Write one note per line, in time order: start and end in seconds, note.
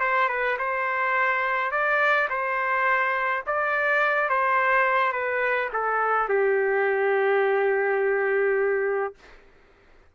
0.00 0.29 C5
0.29 0.57 B4
0.58 1.71 C5
1.71 2.28 D5
2.29 3.44 C5
3.46 4.29 D5
4.29 5.12 C5
5.12 5.69 B4
5.73 6.29 A4
6.29 9.15 G4